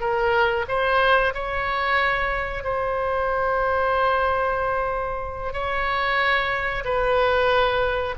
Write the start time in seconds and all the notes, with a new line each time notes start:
0.00 A#4
0.68 C5
1.34 C#5
2.63 C5
5.53 C#5
6.84 B4